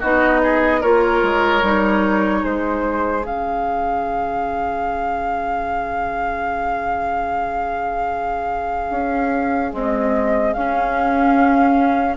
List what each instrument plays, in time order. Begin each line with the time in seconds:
0.00 bassoon B3, clarinet D#4, oboe F#4, flute D#5
0.43 oboe G#4
0.80 bassoon A#3, clarinet F4, oboe A#4, flute C#5
1.22 bassoon G#3
1.62 bassoon G3, clarinet D#4
2.41 bassoon G#3, oboe G#4, flute C5
3.22 bassoon C#3, clarinet C#4, flute F5
8.90 bassoon C#4
9.70 clarinet G#3, bassoon C4
9.77 flute D#5
10.53 bassoon C#4, clarinet C#4, flute F5